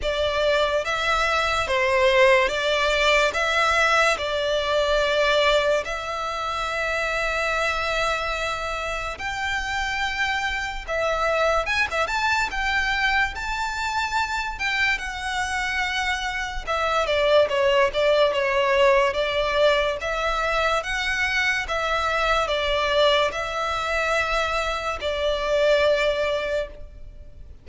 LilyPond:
\new Staff \with { instrumentName = "violin" } { \time 4/4 \tempo 4 = 72 d''4 e''4 c''4 d''4 | e''4 d''2 e''4~ | e''2. g''4~ | g''4 e''4 gis''16 e''16 a''8 g''4 |
a''4. g''8 fis''2 | e''8 d''8 cis''8 d''8 cis''4 d''4 | e''4 fis''4 e''4 d''4 | e''2 d''2 | }